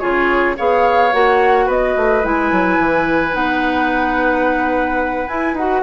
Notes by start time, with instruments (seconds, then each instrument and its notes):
0.00 bassoon C#3, clarinet F4, oboe G#4, flute C#5
0.57 bassoon B3, clarinet G#4, oboe C#5, flute F5
1.13 bassoon A#3, clarinet F#4, flute F#5
1.66 bassoon B3, oboe B4, flute D#5
1.97 bassoon A3
2.23 bassoon G#3, clarinet E4, flute G#5
2.52 bassoon F#3
2.79 bassoon E3
3.32 bassoon B3, clarinet D#4, flute F#5
5.28 bassoon E4, clarinet E4, flute G#5
5.54 bassoon D#4, clarinet F#4, flute F#5